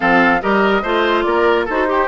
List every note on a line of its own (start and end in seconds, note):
0.00 0.42 F3
0.00 0.40 C4
0.00 0.40 A4
0.00 0.41 F5
0.41 0.83 G3
0.41 0.82 G4
0.41 0.82 A#4
0.41 1.22 D#5
0.82 1.24 A3
0.82 1.67 F4
0.82 1.24 C5
1.22 1.67 A#3
1.22 1.65 A#4
1.22 1.64 D5
1.65 2.08 D#4
1.65 1.86 F#4
1.65 1.86 A4
1.65 2.08 C5
1.86 2.07 G4
1.86 2.08 G4